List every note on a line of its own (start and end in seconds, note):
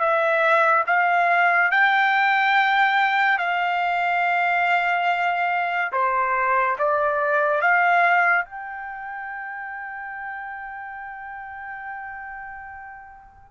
0.00 0.85 E5
0.87 1.71 F5
1.71 3.38 G5
3.38 5.92 F5
5.93 6.77 C5
6.79 7.62 D5
7.62 8.45 F5
8.45 13.51 G5